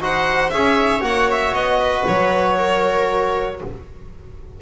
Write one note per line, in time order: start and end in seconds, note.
0.00 0.51 D#4
0.00 0.53 F#4
0.00 0.54 C5
0.00 0.50 F#5
0.50 1.02 C#4
0.50 1.01 G#4
0.50 1.81 C#5
0.50 1.01 E5
1.01 1.53 A#3
1.01 3.57 F#4
1.01 1.31 F#5
1.31 1.55 E5
1.54 2.05 B3
1.54 2.06 D#5
1.81 2.58 B4
2.07 3.62 F#3
2.07 3.61 C#5
2.58 3.61 A#4